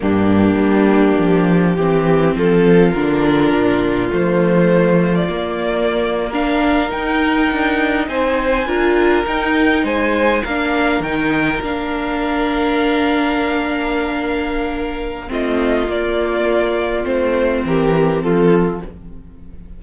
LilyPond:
<<
  \new Staff \with { instrumentName = "violin" } { \time 4/4 \tempo 4 = 102 g'1 | a'4 ais'2 c''4~ | c''8. d''2 f''4 g''16~ | g''4.~ g''16 gis''2 g''16~ |
g''8. gis''4 f''4 g''4 f''16~ | f''1~ | f''2 dis''4 d''4~ | d''4 c''4 ais'4 a'4 | }
  \new Staff \with { instrumentName = "violin" } { \time 4/4 d'2. g'4 | f'1~ | f'2~ f'8. ais'4~ ais'16~ | ais'4.~ ais'16 c''4 ais'4~ ais'16~ |
ais'8. c''4 ais'2~ ais'16~ | ais'1~ | ais'2 f'2~ | f'2 g'4 f'4 | }
  \new Staff \with { instrumentName = "viola" } { \time 4/4 ais2. c'4~ | c'4 d'2 a4~ | a4 ais4.~ ais16 d'4 dis'16~ | dis'2~ dis'8. f'4 dis'16~ |
dis'4.~ dis'16 d'4 dis'4 d'16~ | d'1~ | d'2 c'4 ais4~ | ais4 c'2. | }
  \new Staff \with { instrumentName = "cello" } { \time 4/4 g,4 g4 f4 e4 | f4 d4 ais,4 f4~ | f4 ais2~ ais8. dis'16~ | dis'8. d'4 c'4 d'4 dis'16~ |
dis'8. gis4 ais4 dis4 ais16~ | ais1~ | ais2 a4 ais4~ | ais4 a4 e4 f4 | }
>>